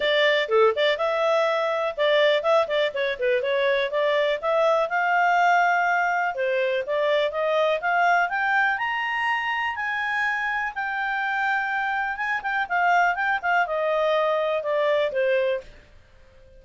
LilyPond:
\new Staff \with { instrumentName = "clarinet" } { \time 4/4 \tempo 4 = 123 d''4 a'8 d''8 e''2 | d''4 e''8 d''8 cis''8 b'8 cis''4 | d''4 e''4 f''2~ | f''4 c''4 d''4 dis''4 |
f''4 g''4 ais''2 | gis''2 g''2~ | g''4 gis''8 g''8 f''4 g''8 f''8 | dis''2 d''4 c''4 | }